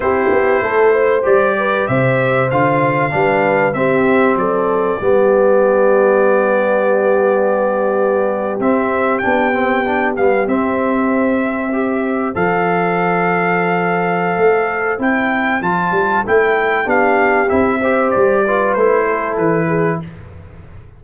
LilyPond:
<<
  \new Staff \with { instrumentName = "trumpet" } { \time 4/4 \tempo 4 = 96 c''2 d''4 e''4 | f''2 e''4 d''4~ | d''1~ | d''4.~ d''16 e''4 g''4~ g''16~ |
g''16 f''8 e''2. f''16~ | f''1 | g''4 a''4 g''4 f''4 | e''4 d''4 c''4 b'4 | }
  \new Staff \with { instrumentName = "horn" } { \time 4/4 g'4 a'8 c''4 b'8 c''4~ | c''4 b'4 g'4 a'4 | g'1~ | g'1~ |
g'2~ g'8. c''4~ c''16~ | c''1~ | c''2. g'4~ | g'8 c''4 b'4 a'4 gis'8 | }
  \new Staff \with { instrumentName = "trombone" } { \time 4/4 e'2 g'2 | f'4 d'4 c'2 | b1~ | b4.~ b16 c'4 d'8 c'8 d'16~ |
d'16 b8 c'2 g'4 a'16~ | a'1 | e'4 f'4 e'4 d'4 | e'8 g'4 f'8 e'2 | }
  \new Staff \with { instrumentName = "tuba" } { \time 4/4 c'8 b8 a4 g4 c4 | d4 g4 c'4 fis4 | g1~ | g4.~ g16 c'4 b4~ b16~ |
b16 g8 c'2. f16~ | f2. a4 | c'4 f8 g8 a4 b4 | c'4 g4 a4 e4 | }
>>